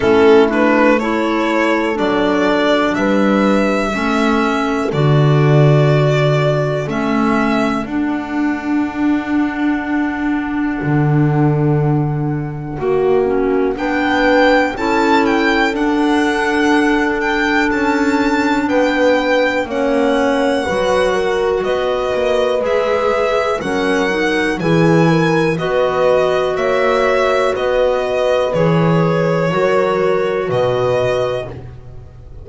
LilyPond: <<
  \new Staff \with { instrumentName = "violin" } { \time 4/4 \tempo 4 = 61 a'8 b'8 cis''4 d''4 e''4~ | e''4 d''2 e''4 | fis''1~ | fis''2 g''4 a''8 g''8 |
fis''4. g''8 a''4 g''4 | fis''2 dis''4 e''4 | fis''4 gis''4 dis''4 e''4 | dis''4 cis''2 dis''4 | }
  \new Staff \with { instrumentName = "horn" } { \time 4/4 e'4 a'2 b'4 | a'1~ | a'1~ | a'4 fis'4 b'4 a'4~ |
a'2. b'4 | cis''4 b'8 ais'8 b'2 | ais'4 gis'8 ais'8 b'4 cis''4 | b'2 ais'4 b'4 | }
  \new Staff \with { instrumentName = "clarinet" } { \time 4/4 cis'8 d'8 e'4 d'2 | cis'4 fis'2 cis'4 | d'1~ | d'4 fis'8 cis'8 d'4 e'4 |
d'1 | cis'4 fis'2 gis'4 | cis'8 dis'8 e'4 fis'2~ | fis'4 gis'4 fis'2 | }
  \new Staff \with { instrumentName = "double bass" } { \time 4/4 a2 fis4 g4 | a4 d2 a4 | d'2. d4~ | d4 ais4 b4 cis'4 |
d'2 cis'4 b4 | ais4 fis4 b8 ais8 gis4 | fis4 e4 b4 ais4 | b4 e4 fis4 b,4 | }
>>